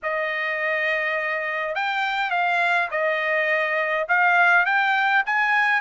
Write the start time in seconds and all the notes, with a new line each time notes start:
0.03 D#5
1.75 G5
2.30 F5
2.90 D#5
4.08 F5
4.65 G5
5.26 G#5